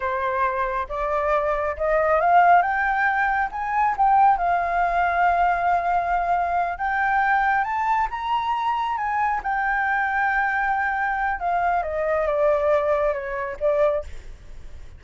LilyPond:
\new Staff \with { instrumentName = "flute" } { \time 4/4 \tempo 4 = 137 c''2 d''2 | dis''4 f''4 g''2 | gis''4 g''4 f''2~ | f''2.~ f''8 g''8~ |
g''4. a''4 ais''4.~ | ais''8 gis''4 g''2~ g''8~ | g''2 f''4 dis''4 | d''2 cis''4 d''4 | }